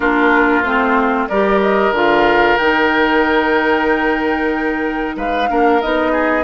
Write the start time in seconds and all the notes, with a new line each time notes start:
0.00 A#3 D4 F4 A#4
0.62 A3 C4 C5
1.28 G3 G4 A#4 D5
1.61 D#5
1.91 D3 F4 F5
2.57 D#3 D#4 G5
5.16 G#3 B4 F5
5.48 A#3 D4 A#4
5.81 B3 D#4 D#5
6.12 G#4